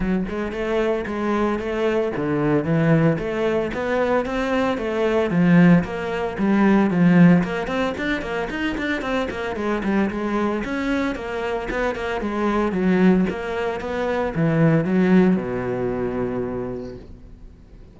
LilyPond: \new Staff \with { instrumentName = "cello" } { \time 4/4 \tempo 4 = 113 fis8 gis8 a4 gis4 a4 | d4 e4 a4 b4 | c'4 a4 f4 ais4 | g4 f4 ais8 c'8 d'8 ais8 |
dis'8 d'8 c'8 ais8 gis8 g8 gis4 | cis'4 ais4 b8 ais8 gis4 | fis4 ais4 b4 e4 | fis4 b,2. | }